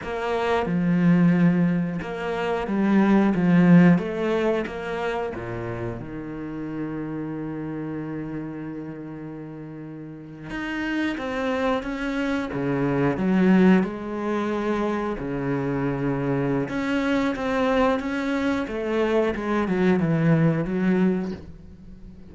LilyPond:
\new Staff \with { instrumentName = "cello" } { \time 4/4 \tempo 4 = 90 ais4 f2 ais4 | g4 f4 a4 ais4 | ais,4 dis2.~ | dis2.~ dis8. dis'16~ |
dis'8. c'4 cis'4 cis4 fis16~ | fis8. gis2 cis4~ cis16~ | cis4 cis'4 c'4 cis'4 | a4 gis8 fis8 e4 fis4 | }